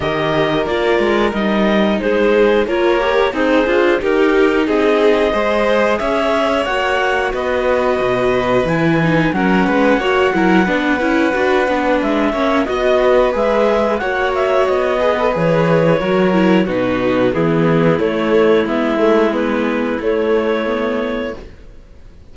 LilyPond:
<<
  \new Staff \with { instrumentName = "clarinet" } { \time 4/4 \tempo 4 = 90 dis''4 d''4 dis''4 c''4 | cis''4 c''4 ais'4 dis''4~ | dis''4 e''4 fis''4 dis''4~ | dis''4 gis''4 fis''2~ |
fis''2 e''4 dis''4 | e''4 fis''8 e''8 dis''4 cis''4~ | cis''4 b'4 gis'4 cis''4 | e''4 b'4 cis''2 | }
  \new Staff \with { instrumentName = "violin" } { \time 4/4 ais'2. gis'4 | ais'4 dis'8 f'8 g'4 gis'4 | c''4 cis''2 b'4~ | b'2 ais'8 b'8 cis''8 ais'8 |
b'2~ b'8 cis''8 dis''8 b'8~ | b'4 cis''4. b'4. | ais'4 fis'4 e'2~ | e'1 | }
  \new Staff \with { instrumentName = "viola" } { \time 4/4 g'4 f'4 dis'2 | f'8 g'8 gis'4 dis'2 | gis'2 fis'2~ | fis'4 e'8 dis'8 cis'4 fis'8 e'8 |
d'8 e'8 fis'8 d'4 cis'8 fis'4 | gis'4 fis'4. gis'16 a'16 gis'4 | fis'8 e'8 dis'4 b4 a4 | b8 a8 b4 a4 b4 | }
  \new Staff \with { instrumentName = "cello" } { \time 4/4 dis4 ais8 gis8 g4 gis4 | ais4 c'8 d'8 dis'4 c'4 | gis4 cis'4 ais4 b4 | b,4 e4 fis8 gis8 ais8 fis8 |
b8 cis'8 d'8 b8 gis8 ais8 b4 | gis4 ais4 b4 e4 | fis4 b,4 e4 a4 | gis2 a2 | }
>>